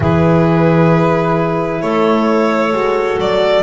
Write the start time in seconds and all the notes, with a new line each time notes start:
0.00 E3 E4 G#4 B4
1.81 A3 A4 C#5
2.73 G#3 F#4
3.19 F#3 D5